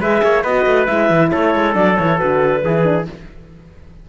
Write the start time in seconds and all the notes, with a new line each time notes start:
0.00 G#3 G#4 B4 E5
0.23 A#3 C#5
0.43 B3 F#4 B4 D#5
0.66 A3
0.86 G#3 E4 E5
1.10 E3
1.31 A3 A4 C#5
1.55 G#3
1.73 F#3 D4 D5
1.97 E3 E4 C#5
2.18 D3 F#4 B4
2.64 E3 E4 G#4
2.84 D4